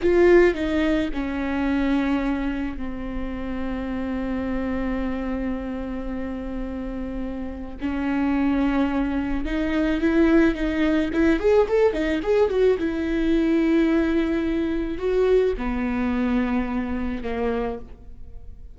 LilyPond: \new Staff \with { instrumentName = "viola" } { \time 4/4 \tempo 4 = 108 f'4 dis'4 cis'2~ | cis'4 c'2.~ | c'1~ | c'2 cis'2~ |
cis'4 dis'4 e'4 dis'4 | e'8 gis'8 a'8 dis'8 gis'8 fis'8 e'4~ | e'2. fis'4 | b2. ais4 | }